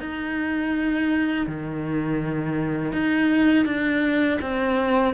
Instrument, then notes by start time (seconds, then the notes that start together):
cello
0.00 D#4
1.46 D#3
2.92 D#4
3.65 D4
4.41 C4